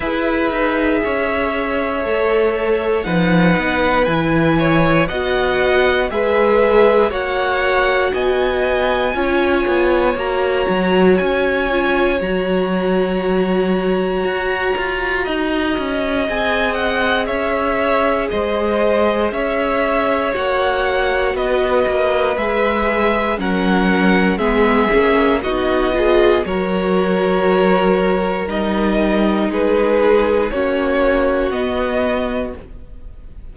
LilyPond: <<
  \new Staff \with { instrumentName = "violin" } { \time 4/4 \tempo 4 = 59 e''2. fis''4 | gis''4 fis''4 e''4 fis''4 | gis''2 ais''4 gis''4 | ais''1 |
gis''8 fis''8 e''4 dis''4 e''4 | fis''4 dis''4 e''4 fis''4 | e''4 dis''4 cis''2 | dis''4 b'4 cis''4 dis''4 | }
  \new Staff \with { instrumentName = "violin" } { \time 4/4 b'4 cis''2 b'4~ | b'8 cis''8 dis''4 b'4 cis''4 | dis''4 cis''2.~ | cis''2. dis''4~ |
dis''4 cis''4 c''4 cis''4~ | cis''4 b'2 ais'4 | gis'4 fis'8 gis'8 ais'2~ | ais'4 gis'4 fis'2 | }
  \new Staff \with { instrumentName = "viola" } { \time 4/4 gis'2 a'4 dis'4 | e'4 fis'4 gis'4 fis'4~ | fis'4 f'4 fis'4. f'8 | fis'1 |
gis'1 | fis'2 gis'4 cis'4 | b8 cis'8 dis'8 f'8 fis'2 | dis'2 cis'4 b4 | }
  \new Staff \with { instrumentName = "cello" } { \time 4/4 e'8 dis'8 cis'4 a4 f8 b8 | e4 b4 gis4 ais4 | b4 cis'8 b8 ais8 fis8 cis'4 | fis2 fis'8 f'8 dis'8 cis'8 |
c'4 cis'4 gis4 cis'4 | ais4 b8 ais8 gis4 fis4 | gis8 ais8 b4 fis2 | g4 gis4 ais4 b4 | }
>>